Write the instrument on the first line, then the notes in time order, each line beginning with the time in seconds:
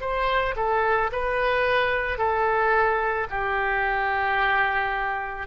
oboe
0.00 C5
0.56 A4
1.12 B4
2.18 A4
3.30 G4